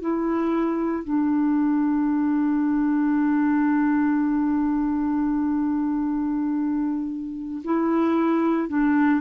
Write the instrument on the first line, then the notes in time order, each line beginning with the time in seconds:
clarinet
0.00 E4
1.04 D4
7.64 E4
8.68 D4